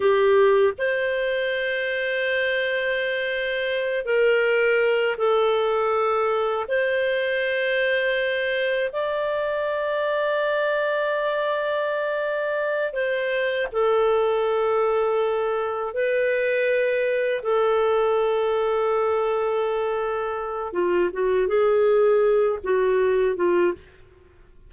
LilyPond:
\new Staff \with { instrumentName = "clarinet" } { \time 4/4 \tempo 4 = 81 g'4 c''2.~ | c''4. ais'4. a'4~ | a'4 c''2. | d''1~ |
d''4. c''4 a'4.~ | a'4. b'2 a'8~ | a'1 | f'8 fis'8 gis'4. fis'4 f'8 | }